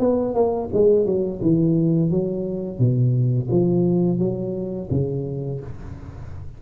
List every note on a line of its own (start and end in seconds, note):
0.00 0.35 B3
0.35 0.69 A#3
0.74 1.06 G#3
1.06 1.41 F#3
1.42 2.11 E3
2.11 2.79 F#3
2.79 3.49 B2
3.51 4.20 F3
4.20 4.89 F#3
4.91 5.61 C#3